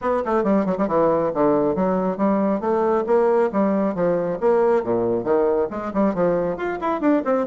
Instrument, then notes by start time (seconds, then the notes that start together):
bassoon
0.01 B3
0.25 A3
0.43 G3
0.65 F#3
0.78 G3
0.87 E3
1.34 D3
1.75 F#3
2.17 G3
2.60 A3
3.06 A#3
3.52 G3
3.94 F3
4.40 A#3
4.83 A#2
5.24 D#3
5.70 G#3
5.93 G3
6.14 F3
6.57 F4
6.80 E4
7.01 D4
7.25 C4